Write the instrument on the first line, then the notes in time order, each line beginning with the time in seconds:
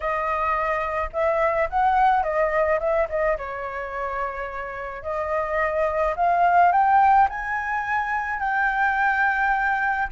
flute
0.00 D#5
1.12 E5
1.69 F#5
2.23 D#5
2.79 E5
3.09 D#5
3.37 C#5
5.02 D#5
6.15 F5
6.71 G5
7.29 G#5
8.39 G5